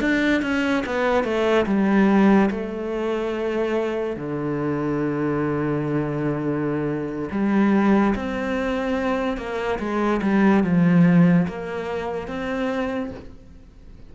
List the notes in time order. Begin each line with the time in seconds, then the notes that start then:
0.00 D4
0.42 C#4
0.86 B3
1.23 A3
1.66 G3
2.50 A3
4.16 D3
7.31 G3
8.15 C4
9.37 A#3
9.79 G#3
10.22 G3
10.63 F3
11.47 A#3
12.27 C4